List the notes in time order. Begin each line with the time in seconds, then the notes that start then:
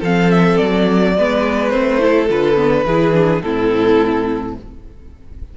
0.00 F3 C4 A4 F5
0.31 E5
0.57 F#3 D5
1.18 G#3 B3 B4
1.70 A3 C4 C5
1.99 E4 A4
2.30 D3 F4 B4
2.56 B3
2.85 E3 E4 G#4
3.13 D4
3.42 A2 C4 E4 A4